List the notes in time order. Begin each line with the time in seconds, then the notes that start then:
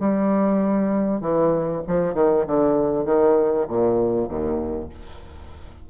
0.00 G3
1.21 E3
1.88 F3
2.15 D#3
2.47 D3
3.06 D#3
3.68 A#2
4.29 D#2